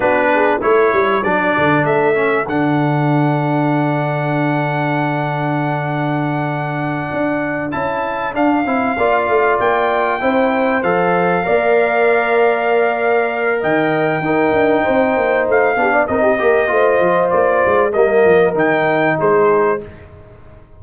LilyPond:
<<
  \new Staff \with { instrumentName = "trumpet" } { \time 4/4 \tempo 4 = 97 b'4 cis''4 d''4 e''4 | fis''1~ | fis''1~ | fis''8 a''4 f''2 g''8~ |
g''4. f''2~ f''8~ | f''2 g''2~ | g''4 f''4 dis''2 | d''4 dis''4 g''4 c''4 | }
  \new Staff \with { instrumentName = "horn" } { \time 4/4 fis'8 gis'8 a'2.~ | a'1~ | a'1~ | a'2~ a'8 d''4.~ |
d''8 c''2 d''4.~ | d''2 dis''4 ais'4 | c''4. g'16 d''16 ais'16 g'16 ais'8 c''4~ | c''4 ais'2 gis'4 | }
  \new Staff \with { instrumentName = "trombone" } { \time 4/4 d'4 e'4 d'4. cis'8 | d'1~ | d'1~ | d'8 e'4 d'8 e'8 f'4.~ |
f'8 e'4 a'4 ais'4.~ | ais'2. dis'4~ | dis'4. d'8 dis'8 g'8 f'4~ | f'4 ais4 dis'2 | }
  \new Staff \with { instrumentName = "tuba" } { \time 4/4 b4 a8 g8 fis8 d8 a4 | d1~ | d2.~ d8 d'8~ | d'8 cis'4 d'8 c'8 ais8 a8 ais8~ |
ais8 c'4 f4 ais4.~ | ais2 dis4 dis'8 d'8 | c'8 ais8 a8 b8 c'8 ais8 a8 f8 | ais8 gis8 g8 f8 dis4 gis4 | }
>>